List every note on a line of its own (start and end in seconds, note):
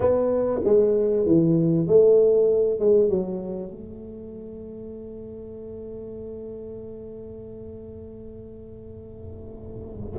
0.00 0.60 B3
0.64 1.26 G#3
1.26 1.87 E3
1.87 2.79 A3
2.79 3.09 G#3
3.09 3.70 F#3
3.70 10.19 A3